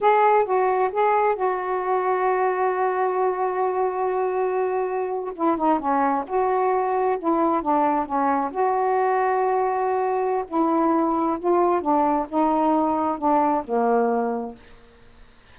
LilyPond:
\new Staff \with { instrumentName = "saxophone" } { \time 4/4 \tempo 4 = 132 gis'4 fis'4 gis'4 fis'4~ | fis'1~ | fis'2.~ fis'8. e'16~ | e'16 dis'8 cis'4 fis'2 e'16~ |
e'8. d'4 cis'4 fis'4~ fis'16~ | fis'2. e'4~ | e'4 f'4 d'4 dis'4~ | dis'4 d'4 ais2 | }